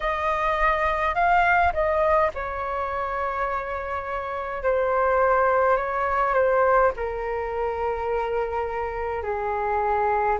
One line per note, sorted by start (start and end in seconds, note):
0.00 1.14 D#5
1.14 1.72 F5
1.73 2.31 D#5
2.34 4.63 C#5
4.63 5.76 C5
5.76 6.34 C#5
6.34 6.91 C5
6.96 9.23 A#4
9.23 10.38 G#4